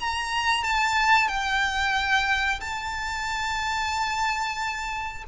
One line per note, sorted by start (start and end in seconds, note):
0.00 0.64 A#5
0.64 1.28 A5
1.28 2.60 G5
2.60 5.24 A5